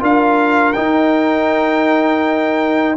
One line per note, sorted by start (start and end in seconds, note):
0.00 0.76 D4
0.00 0.74 F4
0.00 2.97 A#4
0.00 0.73 F5
0.73 2.98 D#4
0.73 2.96 G5